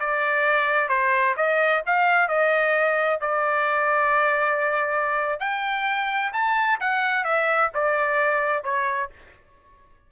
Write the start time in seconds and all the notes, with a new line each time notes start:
0.00 D5
0.89 C5
1.37 D#5
1.87 F5
2.28 D#5
3.21 D5
5.40 G5
6.33 A5
6.81 F#5
7.25 E5
7.75 D5
8.64 C#5